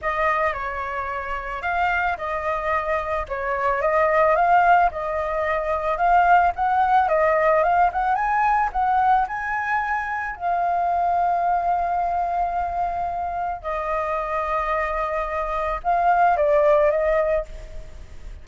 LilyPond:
\new Staff \with { instrumentName = "flute" } { \time 4/4 \tempo 4 = 110 dis''4 cis''2 f''4 | dis''2 cis''4 dis''4 | f''4 dis''2 f''4 | fis''4 dis''4 f''8 fis''8 gis''4 |
fis''4 gis''2 f''4~ | f''1~ | f''4 dis''2.~ | dis''4 f''4 d''4 dis''4 | }